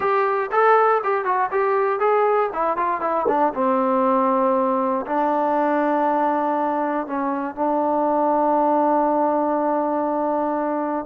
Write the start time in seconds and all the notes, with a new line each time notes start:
0.00 G4
0.51 A4
1.03 G4
1.24 F#4
1.51 G4
1.99 G#4
2.53 E4
2.76 F4
3.00 E4
3.28 D4
3.54 C4
5.06 D4
7.06 C#4
7.55 D4